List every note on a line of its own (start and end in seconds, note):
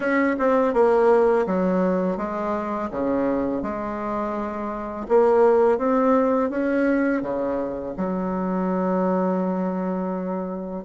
0.00 0.35 C#4
0.38 0.73 C4
0.73 1.46 A#3
1.46 2.17 F#3
2.17 2.89 G#3
2.90 3.62 C#3
3.62 5.06 G#3
5.08 5.78 A#3
5.78 6.50 C4
6.50 7.22 C#4
7.22 7.95 C#3
7.96 10.84 F#3